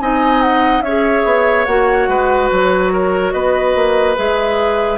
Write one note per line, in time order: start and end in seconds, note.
0.00 0.81 C4
0.00 0.83 D#4
0.00 0.84 D#5
0.00 0.41 G#5
0.41 0.81 F#5
0.81 1.23 C#4
0.81 1.68 G#4
0.81 2.09 C#5
0.81 1.65 E5
1.25 1.66 B3
1.65 2.08 A#3
1.65 4.16 F#4
1.65 2.48 F#5
2.08 2.49 G#3
2.08 2.92 B4
2.51 3.33 F#3
2.51 3.32 C#5
2.93 3.33 A#4
3.32 3.75 B3
3.32 4.98 B4
3.32 4.15 D#5
3.75 4.16 A#3
4.16 4.98 G#3
4.16 4.98 G#4
4.16 4.98 E5